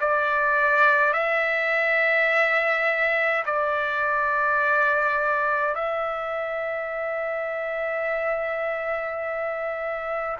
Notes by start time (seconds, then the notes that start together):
0.00 D5
1.13 E5
3.45 D5
5.75 E5